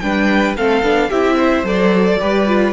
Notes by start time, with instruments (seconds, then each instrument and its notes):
0.00 cello G3, viola D4, violin B4 G5
0.57 cello A3, viola C4, violin A4 F5
0.83 cello B3, viola D4
1.10 cello C4, viola E4, violin G4 E5
1.37 violin C5
1.64 cello F#3, viola A4, violin D5
2.20 cello G3, viola G4, violin B4
2.47 viola F4